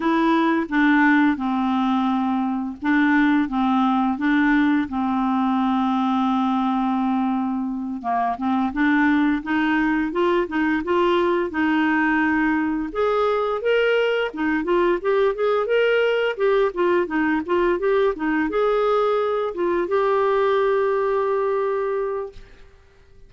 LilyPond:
\new Staff \with { instrumentName = "clarinet" } { \time 4/4 \tempo 4 = 86 e'4 d'4 c'2 | d'4 c'4 d'4 c'4~ | c'2.~ c'8 ais8 | c'8 d'4 dis'4 f'8 dis'8 f'8~ |
f'8 dis'2 gis'4 ais'8~ | ais'8 dis'8 f'8 g'8 gis'8 ais'4 g'8 | f'8 dis'8 f'8 g'8 dis'8 gis'4. | f'8 g'2.~ g'8 | }